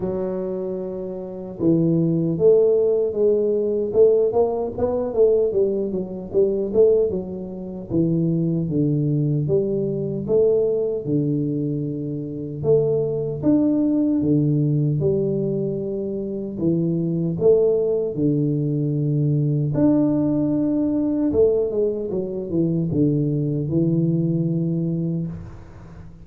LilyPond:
\new Staff \with { instrumentName = "tuba" } { \time 4/4 \tempo 4 = 76 fis2 e4 a4 | gis4 a8 ais8 b8 a8 g8 fis8 | g8 a8 fis4 e4 d4 | g4 a4 d2 |
a4 d'4 d4 g4~ | g4 e4 a4 d4~ | d4 d'2 a8 gis8 | fis8 e8 d4 e2 | }